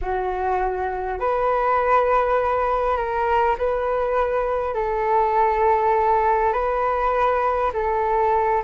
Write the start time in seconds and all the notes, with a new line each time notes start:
0.01 F#4
1.19 B4
2.96 A#4
3.58 B4
4.74 A4
6.52 B4
7.73 A4